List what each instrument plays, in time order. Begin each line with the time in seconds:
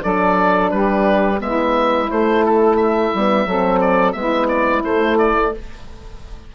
0.00 bassoon F#3, horn D4, saxophone A4, oboe D5
0.71 bassoon G3, saxophone G4, oboe B4
1.40 bassoon G#3, horn B3, saxophone E4, oboe E5
2.08 horn A3, bassoon A3, oboe C5
2.45 oboe A4
2.77 oboe E5
3.14 bassoon G3, horn B3
3.46 bassoon F#3, horn C4, saxophone A4
3.81 oboe D5
4.12 bassoon G#3, horn B3, saxophone E4, oboe E5
4.48 oboe D5
4.84 bassoon A3, horn A3, oboe C5
5.18 oboe D5